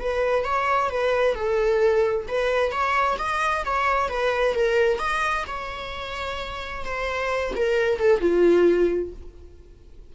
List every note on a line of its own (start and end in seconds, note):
0.00 0.45 B4
0.45 0.90 C#5
0.90 1.35 B4
1.35 2.27 A4
2.28 2.72 B4
2.72 3.18 C#5
3.19 3.65 D#5
3.65 4.09 C#5
4.09 4.55 B4
4.55 4.99 A#4
4.99 5.45 D#5
5.48 6.85 C#5
6.85 7.54 C5
7.56 8.00 A#4
8.00 8.21 A4
8.21 9.12 F4